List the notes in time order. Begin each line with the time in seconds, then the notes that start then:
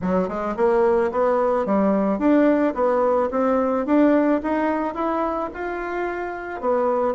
0.01 F#3
0.28 G#3
0.56 A#3
1.11 B3
1.65 G3
2.18 D4
2.74 B3
3.30 C4
3.85 D4
4.42 D#4
4.94 E4
5.53 F4
6.61 B3